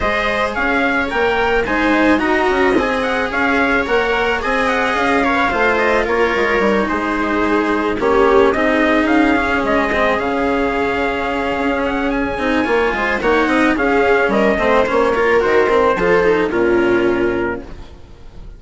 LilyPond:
<<
  \new Staff \with { instrumentName = "trumpet" } { \time 4/4 \tempo 4 = 109 dis''4 f''4 g''4 gis''4 | ais''4 gis''8 fis''8 f''4 fis''4 | gis''8 fis''8 f''4. dis''8 cis''4~ | cis''8 c''2 cis''4 dis''8~ |
dis''8 f''4 dis''4 f''4.~ | f''4. fis''8 gis''2 | fis''4 f''4 dis''4 cis''4 | c''2 ais'2 | }
  \new Staff \with { instrumentName = "viola" } { \time 4/4 c''4 cis''2 c''4 | dis''2 cis''2 | dis''4. cis''8 c''4 ais'4~ | ais'8 gis'2 g'4 gis'8~ |
gis'1~ | gis'2. cis''8 c''8 | cis''8 dis''8 gis'4 ais'8 c''4 ais'8~ | ais'4 a'4 f'2 | }
  \new Staff \with { instrumentName = "cello" } { \time 4/4 gis'2 ais'4 dis'4 | fis'4 gis'2 ais'4 | gis'4. ais'16 b'16 f'2 | dis'2~ dis'8 cis'4 dis'8~ |
dis'4 cis'4 c'8 cis'4.~ | cis'2~ cis'8 dis'8 f'4 | dis'4 cis'4. c'8 cis'8 f'8 | fis'8 c'8 f'8 dis'8 cis'2 | }
  \new Staff \with { instrumentName = "bassoon" } { \time 4/4 gis4 cis'4 ais4 gis4 | dis'8 cis'8 c'4 cis'4 ais4 | c'4 cis'4 a4 ais8 gis8 | g8 gis2 ais4 c'8~ |
c'8 cis'4 gis4 cis4.~ | cis4 cis'4. c'8 ais8 gis8 | ais8 c'8 cis'4 g8 a8 ais4 | dis4 f4 ais,2 | }
>>